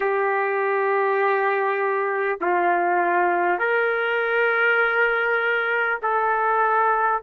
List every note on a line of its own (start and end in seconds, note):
0.00 2.38 G4
2.41 3.58 F4
3.58 5.98 A#4
6.02 7.22 A4